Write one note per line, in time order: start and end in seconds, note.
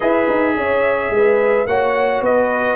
0.00 0.29 E4
0.00 1.67 G#4
0.00 0.55 B4
0.00 1.66 E5
0.29 0.56 D#4
0.56 1.10 C#4
0.56 1.13 C#5
1.10 1.66 G#3
1.10 1.68 B4
1.66 2.21 A#3
1.66 2.76 F#4
1.66 2.23 C#5
1.66 2.23 F#5
2.21 2.76 B3
2.21 2.76 B4
2.21 2.76 D#5